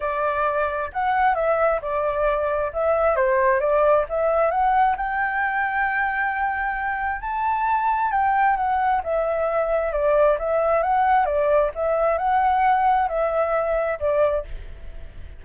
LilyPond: \new Staff \with { instrumentName = "flute" } { \time 4/4 \tempo 4 = 133 d''2 fis''4 e''4 | d''2 e''4 c''4 | d''4 e''4 fis''4 g''4~ | g''1 |
a''2 g''4 fis''4 | e''2 d''4 e''4 | fis''4 d''4 e''4 fis''4~ | fis''4 e''2 d''4 | }